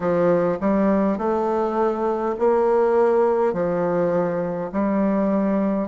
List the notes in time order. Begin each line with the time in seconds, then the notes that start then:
0.00 F3
0.60 G3
1.18 A3
2.39 A#3
3.53 F3
4.72 G3